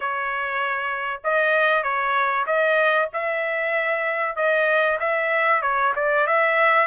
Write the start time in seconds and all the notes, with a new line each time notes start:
0.00 C#5
1.23 D#5
1.83 C#5
2.46 D#5
3.13 E5
4.36 D#5
4.99 E5
5.61 C#5
5.95 D5
6.26 E5